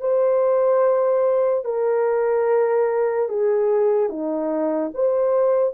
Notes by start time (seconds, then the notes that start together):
0.00 C5
1.64 A#4
3.29 G#4
4.09 D#4
4.94 C5